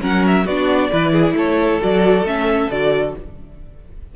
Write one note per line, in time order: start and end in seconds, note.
0.00 0.46 F#3
0.00 0.45 C#4
0.00 0.45 A#4
0.00 0.26 F#5
0.26 0.46 E5
0.45 0.90 B3
0.45 0.91 D4
0.45 0.89 F#4
0.45 1.36 D5
0.91 1.33 E3
0.91 1.81 E4
0.91 1.12 B4
1.12 1.35 G#4
1.33 1.78 A3
1.33 3.15 A4
1.33 1.82 C#5
1.81 2.22 F#3
1.81 2.26 F#4
1.81 2.26 D5
2.22 2.67 A3
2.22 2.71 C#4
2.22 2.70 E5
2.70 3.15 D3
2.70 3.16 F#4
2.70 3.15 D5